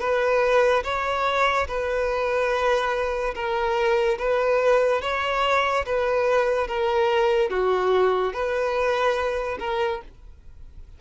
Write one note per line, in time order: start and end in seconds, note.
0.00 0.83 B4
0.84 1.67 C#5
1.68 3.34 B4
3.35 4.18 A#4
4.19 5.02 B4
5.02 5.85 C#5
5.86 6.68 B4
6.68 7.50 A#4
7.50 8.33 F#4
8.33 9.58 B4
9.59 10.01 A#4